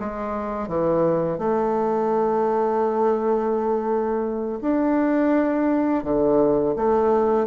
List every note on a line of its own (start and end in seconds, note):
0.00 0.68 G#3
0.68 1.38 E3
1.38 4.60 A3
4.61 6.04 D4
6.04 6.75 D3
6.76 7.47 A3